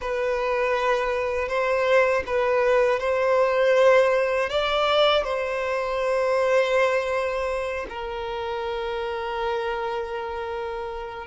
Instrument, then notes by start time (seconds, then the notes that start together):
violin
0.01 B4
1.48 C5
2.26 B4
2.99 C5
4.49 D5
5.24 C5
7.89 A#4